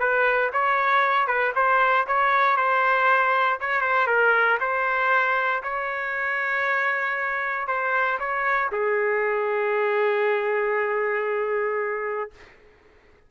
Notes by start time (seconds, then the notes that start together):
0.00 B4
0.53 C#5
1.27 B4
1.55 C5
2.07 C#5
2.57 C5
3.61 C#5
3.82 C5
4.07 A#4
4.61 C5
5.63 C#5
7.68 C5
8.20 C#5
8.72 G#4